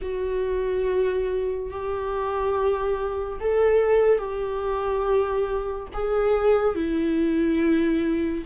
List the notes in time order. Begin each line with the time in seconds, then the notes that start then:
0.01 F#4
1.70 G4
3.40 A4
4.18 G4
5.93 G#4
6.75 E4